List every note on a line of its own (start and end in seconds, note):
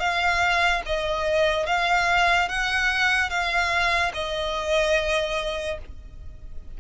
0.00 0.82 F5
0.86 1.67 D#5
1.67 2.49 F5
2.49 3.30 F#5
3.30 4.12 F5
4.14 5.79 D#5